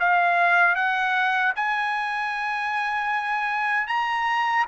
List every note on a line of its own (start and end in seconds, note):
0.00 0.75 F5
0.75 1.53 F#5
1.56 3.88 G#5
3.88 4.66 A#5